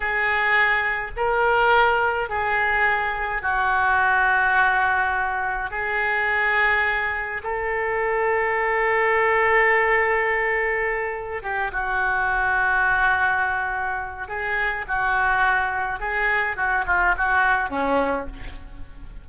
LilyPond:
\new Staff \with { instrumentName = "oboe" } { \time 4/4 \tempo 4 = 105 gis'2 ais'2 | gis'2 fis'2~ | fis'2 gis'2~ | gis'4 a'2.~ |
a'1 | g'8 fis'2.~ fis'8~ | fis'4 gis'4 fis'2 | gis'4 fis'8 f'8 fis'4 cis'4 | }